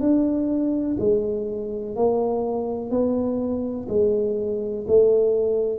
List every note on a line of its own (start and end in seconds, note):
0.00 0.97 D4
0.99 1.95 G#3
1.95 2.90 A#3
2.90 3.87 B3
3.88 4.85 G#3
4.87 5.78 A3